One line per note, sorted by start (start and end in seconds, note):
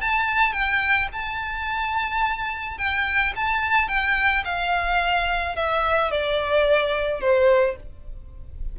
0.00 0.52 A5
0.52 1.08 G5
1.12 2.77 A5
2.77 3.33 G5
3.35 3.88 A5
3.88 4.43 G5
4.44 5.55 F5
5.56 6.10 E5
6.10 7.20 D5
7.20 7.76 C5